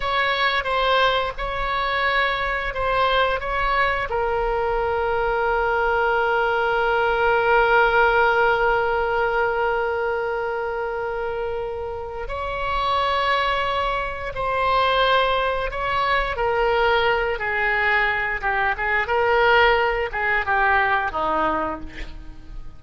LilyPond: \new Staff \with { instrumentName = "oboe" } { \time 4/4 \tempo 4 = 88 cis''4 c''4 cis''2 | c''4 cis''4 ais'2~ | ais'1~ | ais'1~ |
ais'2 cis''2~ | cis''4 c''2 cis''4 | ais'4. gis'4. g'8 gis'8 | ais'4. gis'8 g'4 dis'4 | }